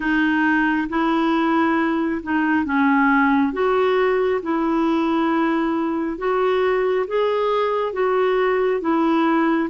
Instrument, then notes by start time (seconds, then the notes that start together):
clarinet
0.00 D#4
0.89 E4
2.23 D#4
2.65 C#4
3.53 F#4
4.42 E4
6.18 F#4
7.07 G#4
7.92 F#4
8.80 E4